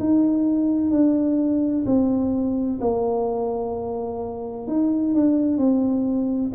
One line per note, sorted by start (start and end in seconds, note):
0.00 0.91 D#4
0.91 1.85 D4
1.86 2.80 C4
2.81 4.67 A#3
4.67 5.14 D#4
5.14 5.58 D4
5.58 6.52 C4